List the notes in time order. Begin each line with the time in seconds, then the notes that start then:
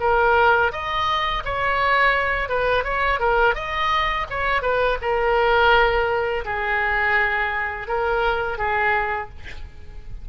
0.00 A#4
0.72 D#5
1.44 C#5
2.48 B4
2.84 C#5
3.19 A#4
3.55 D#5
4.30 C#5
4.62 B4
5.01 A#4
6.45 G#4
7.87 A#4
8.58 G#4